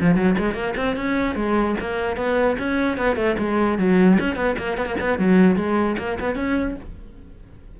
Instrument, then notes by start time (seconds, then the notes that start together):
cello
0.00 F3
0.15 F#3
0.38 G#3
0.54 A#3
0.76 C4
0.96 C#4
1.35 G#3
1.80 A#3
2.16 B3
2.58 C#4
2.97 B3
3.16 A3
3.38 G#3
3.78 F#3
4.20 C#4
4.36 B3
4.58 A#3
4.77 B3
4.86 A#3
5.00 B3
5.18 F#3
5.56 G#3
5.98 A#3
6.20 B3
6.35 C#4